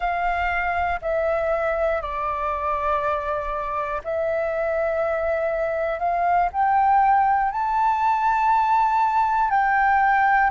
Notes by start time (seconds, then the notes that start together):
0.00 F5
1.01 E5
2.01 D5
4.04 E5
5.99 F5
6.52 G5
7.51 A5
9.50 G5